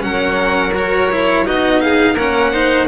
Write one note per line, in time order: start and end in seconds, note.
0.00 1.46 F#3
0.00 0.71 C#4
0.00 1.46 A#4
0.00 0.74 F#5
0.75 1.11 F#4
0.75 1.47 C#5
1.11 1.46 E4
1.46 2.14 B3
1.46 2.17 D#4
1.46 1.82 F#4
1.46 1.81 D#5
1.81 2.15 G#4
1.81 2.17 F5
2.14 2.86 A#3
2.14 2.54 C#4
2.14 2.51 A#4
2.14 2.89 F#5
2.52 2.89 D#4
2.52 2.88 C5